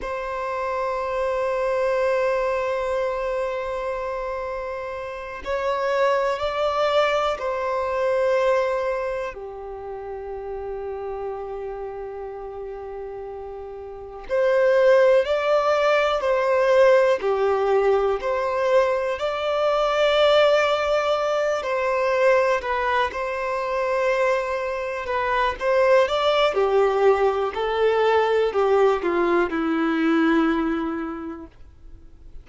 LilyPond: \new Staff \with { instrumentName = "violin" } { \time 4/4 \tempo 4 = 61 c''1~ | c''4. cis''4 d''4 c''8~ | c''4. g'2~ g'8~ | g'2~ g'8 c''4 d''8~ |
d''8 c''4 g'4 c''4 d''8~ | d''2 c''4 b'8 c''8~ | c''4. b'8 c''8 d''8 g'4 | a'4 g'8 f'8 e'2 | }